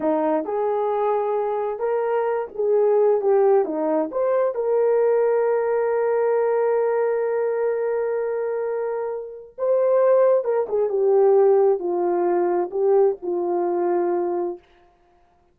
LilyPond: \new Staff \with { instrumentName = "horn" } { \time 4/4 \tempo 4 = 132 dis'4 gis'2. | ais'4. gis'4. g'4 | dis'4 c''4 ais'2~ | ais'1~ |
ais'1~ | ais'4 c''2 ais'8 gis'8 | g'2 f'2 | g'4 f'2. | }